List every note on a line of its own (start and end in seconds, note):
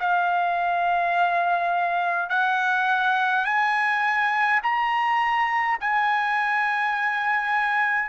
0.00 2.30 F5
2.30 3.45 F#5
3.45 4.60 G#5
4.63 5.78 A#5
5.81 8.09 G#5